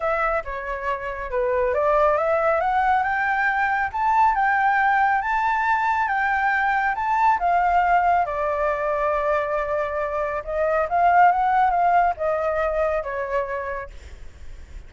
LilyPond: \new Staff \with { instrumentName = "flute" } { \time 4/4 \tempo 4 = 138 e''4 cis''2 b'4 | d''4 e''4 fis''4 g''4~ | g''4 a''4 g''2 | a''2 g''2 |
a''4 f''2 d''4~ | d''1 | dis''4 f''4 fis''4 f''4 | dis''2 cis''2 | }